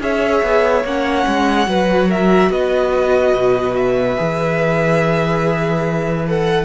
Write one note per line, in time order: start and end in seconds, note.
0.00 0.42 C#4
0.00 0.83 G#4
0.00 1.69 C#5
0.00 0.86 E5
0.42 0.84 B3
0.84 1.26 A#3
0.84 1.66 C#4
0.84 2.10 F#5
1.27 1.68 G#3
1.66 2.50 F#3
1.66 4.16 F#4
1.66 2.09 B4
2.09 2.50 A#4
2.09 2.52 E5
2.50 3.33 B3
2.50 6.65 B4
2.50 3.76 D#5
3.34 4.17 B2
3.76 6.26 E5
4.16 6.65 E3
4.16 6.25 G#4
6.27 6.65 A4
6.27 6.65 F#5